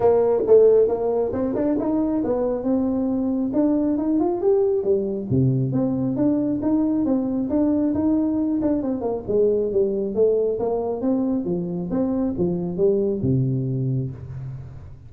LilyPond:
\new Staff \with { instrumentName = "tuba" } { \time 4/4 \tempo 4 = 136 ais4 a4 ais4 c'8 d'8 | dis'4 b4 c'2 | d'4 dis'8 f'8 g'4 g4 | c4 c'4 d'4 dis'4 |
c'4 d'4 dis'4. d'8 | c'8 ais8 gis4 g4 a4 | ais4 c'4 f4 c'4 | f4 g4 c2 | }